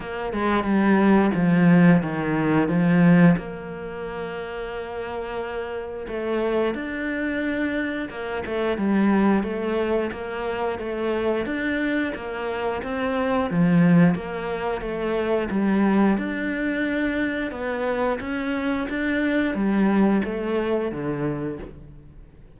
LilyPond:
\new Staff \with { instrumentName = "cello" } { \time 4/4 \tempo 4 = 89 ais8 gis8 g4 f4 dis4 | f4 ais2.~ | ais4 a4 d'2 | ais8 a8 g4 a4 ais4 |
a4 d'4 ais4 c'4 | f4 ais4 a4 g4 | d'2 b4 cis'4 | d'4 g4 a4 d4 | }